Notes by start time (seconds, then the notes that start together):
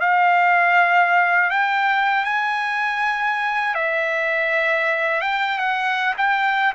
0.00 F5
1.50 G5
2.24 G#5
3.74 E5
5.21 G5
5.58 F#5
6.17 G5